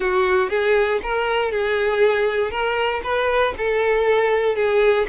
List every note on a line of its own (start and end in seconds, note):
0.00 0.49 F#4
0.49 1.00 G#4
1.03 1.51 A#4
1.51 2.51 G#4
2.51 3.01 A#4
3.03 3.54 B4
3.57 4.55 A4
4.55 5.06 G#4